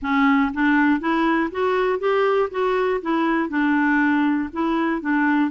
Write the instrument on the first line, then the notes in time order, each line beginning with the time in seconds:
clarinet
0.01 C#4
0.53 D4
1.00 E4
1.51 F#4
1.99 G4
2.50 F#4
3.01 E4
3.49 D4
4.52 E4
5.01 D4